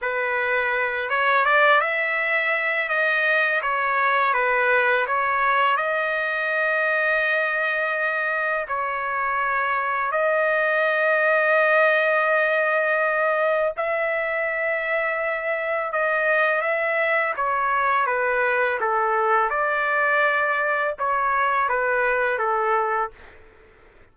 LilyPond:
\new Staff \with { instrumentName = "trumpet" } { \time 4/4 \tempo 4 = 83 b'4. cis''8 d''8 e''4. | dis''4 cis''4 b'4 cis''4 | dis''1 | cis''2 dis''2~ |
dis''2. e''4~ | e''2 dis''4 e''4 | cis''4 b'4 a'4 d''4~ | d''4 cis''4 b'4 a'4 | }